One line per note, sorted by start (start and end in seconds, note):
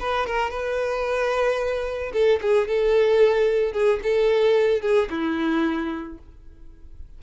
0.00 0.27 B4
0.27 0.50 A#4
0.50 2.12 B4
2.13 2.40 A4
2.42 2.68 G#4
2.68 3.73 A4
3.73 4.00 G#4
4.03 4.81 A4
4.81 5.08 G#4
5.10 6.18 E4